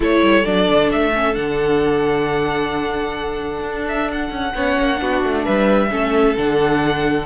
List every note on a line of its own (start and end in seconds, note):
0.00 0.21 A3
0.00 0.44 E4
0.00 4.54 A4
0.00 0.44 C#5
0.21 0.44 G3
0.44 0.69 F#3
0.44 1.12 D4
0.44 0.90 D5
0.70 0.92 D3
0.91 1.37 A3
0.91 1.35 E5
1.14 1.35 C#4
1.35 3.61 D3
1.35 4.53 D4
1.35 3.85 F#5
3.61 4.29 D4
3.88 4.11 E5
4.11 5.44 F#5
4.30 4.53 C#4
4.54 4.77 B3
4.54 4.96 C#4
4.54 5.00 C#5
4.78 5.01 A#3
4.96 5.23 B3
4.96 5.87 D4
4.96 5.43 F#4
5.23 5.46 A3
5.43 5.91 G3
5.43 5.89 B4
5.43 6.35 E5
5.90 6.36 A3
5.90 6.36 C#4
5.90 7.25 A4
6.36 7.25 D3
6.36 7.25 D4
6.36 7.25 F#5